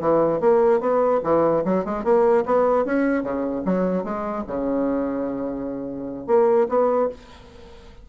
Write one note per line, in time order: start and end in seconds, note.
0.00 0.40 E3
0.40 0.80 A#3
0.80 1.20 B3
1.24 1.64 E3
1.65 1.85 F#3
1.85 2.04 G#3
2.04 2.44 A#3
2.45 2.85 B3
2.85 3.23 C#4
3.23 3.63 C#3
3.65 4.04 F#3
4.04 4.44 G#3
4.47 6.27 C#3
6.27 6.67 A#3
6.69 7.09 B3